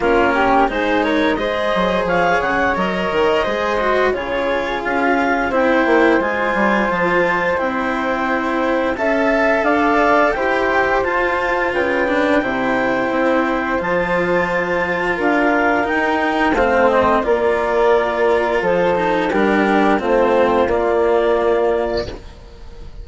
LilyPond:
<<
  \new Staff \with { instrumentName = "clarinet" } { \time 4/4 \tempo 4 = 87 ais'4 c''8 cis''8 dis''4 f''8 fis''8 | dis''2 cis''4 f''4 | g''4 gis''4 a''4 g''4~ | g''4 a''4 f''4 g''4 |
a''4 g''2. | a''2 f''4 g''4 | f''8 dis''8 d''2 c''4 | ais'4 c''4 d''2 | }
  \new Staff \with { instrumentName = "flute" } { \time 4/4 f'8 g'8 gis'8 ais'8 c''4 cis''4~ | cis''4 c''4 gis'2 | c''1~ | c''4 e''4 d''4 c''4~ |
c''4 b'4 c''2~ | c''2 ais'2 | c''4 ais'2 a'4 | g'4 f'2. | }
  \new Staff \with { instrumentName = "cello" } { \time 4/4 cis'4 dis'4 gis'2 | ais'4 gis'8 fis'8 f'2 | e'4 f'2 e'4~ | e'4 a'2 g'4 |
f'4. d'8 e'2 | f'2. dis'4 | c'4 f'2~ f'8 dis'8 | d'4 c'4 ais2 | }
  \new Staff \with { instrumentName = "bassoon" } { \time 4/4 ais4 gis4. fis8 f8 cis8 | fis8 dis8 gis4 cis4 cis'4 | c'8 ais8 gis8 g8 f4 c'4~ | c'4 cis'4 d'4 e'4 |
f'4 cis4 c4 c'4 | f2 d'4 dis'4 | a4 ais2 f4 | g4 a4 ais2 | }
>>